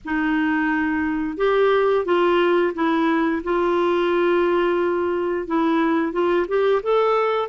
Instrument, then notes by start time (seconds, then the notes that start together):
clarinet
0.04 D#4
1.37 G4
2.05 F4
2.74 E4
3.43 F4
5.47 E4
6.12 F4
6.47 G4
6.82 A4